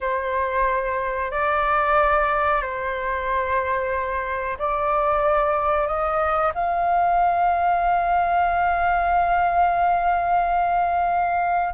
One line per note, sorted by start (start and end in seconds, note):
0.01 1.31 C5
1.31 2.61 D5
2.61 4.57 C5
4.58 5.87 D5
5.87 6.52 D#5
6.54 11.74 F5